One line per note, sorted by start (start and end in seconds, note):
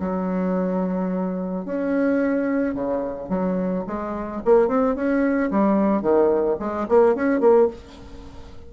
0.00 1.65 F#3
1.65 2.74 C#4
2.74 3.29 C#3
3.29 3.84 F#3
3.87 4.42 G#3
4.45 4.68 A#3
4.68 4.95 C4
4.95 5.50 C#4
5.51 6.02 G3
6.02 6.57 D#3
6.59 6.87 G#3
6.89 7.15 A#3
7.15 7.40 C#4
7.40 7.68 A#3